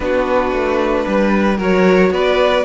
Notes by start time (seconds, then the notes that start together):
0.00 B3 D4 F#4 B4
0.52 A3
1.07 G3 B4
1.57 F#3 F#4 A#4 C#5
2.10 B3 B4 D5